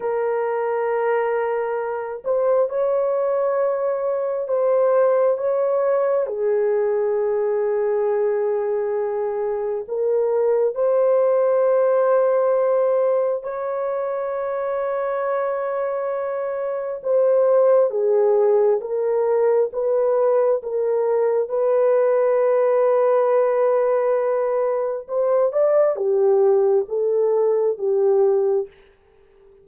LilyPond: \new Staff \with { instrumentName = "horn" } { \time 4/4 \tempo 4 = 67 ais'2~ ais'8 c''8 cis''4~ | cis''4 c''4 cis''4 gis'4~ | gis'2. ais'4 | c''2. cis''4~ |
cis''2. c''4 | gis'4 ais'4 b'4 ais'4 | b'1 | c''8 d''8 g'4 a'4 g'4 | }